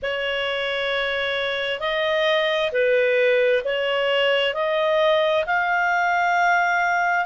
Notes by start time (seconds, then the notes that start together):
0.02 C#5
1.80 D#5
2.71 B4
3.64 C#5
4.54 D#5
5.45 F5